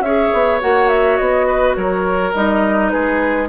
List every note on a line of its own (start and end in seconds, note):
0.00 0.29 C#4
0.00 0.60 G#4
0.00 1.47 C#5
0.00 0.59 E5
0.33 0.62 B3
0.60 1.19 A#3
0.60 2.33 F#4
0.60 0.88 F#5
0.88 1.16 E5
1.16 1.76 B3
1.16 1.74 D#5
1.47 1.76 B4
1.75 2.34 F#3
1.75 2.92 A#4
1.75 2.33 C#5
2.34 2.92 G3
2.34 3.48 D#4
2.34 2.90 D#5
2.90 3.48 G#3
2.90 3.48 G#4
2.90 3.47 B4